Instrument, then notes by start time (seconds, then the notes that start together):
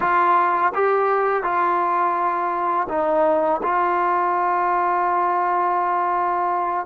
trombone
0.00 F4
0.74 G4
1.43 F4
2.88 D#4
3.62 F4